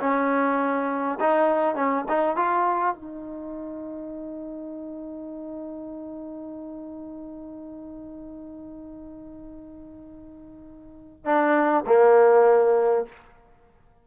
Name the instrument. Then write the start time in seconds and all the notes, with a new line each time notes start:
trombone
0.00 C#4
1.20 D#4
1.75 C#4
2.08 D#4
2.36 F4
2.95 D#4
11.25 D4
11.86 A#3